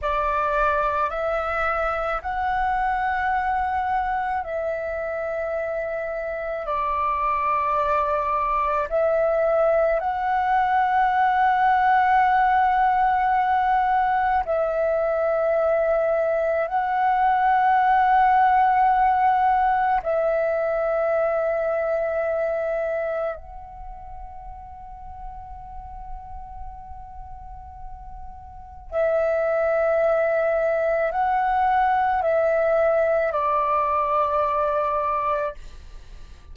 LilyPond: \new Staff \with { instrumentName = "flute" } { \time 4/4 \tempo 4 = 54 d''4 e''4 fis''2 | e''2 d''2 | e''4 fis''2.~ | fis''4 e''2 fis''4~ |
fis''2 e''2~ | e''4 fis''2.~ | fis''2 e''2 | fis''4 e''4 d''2 | }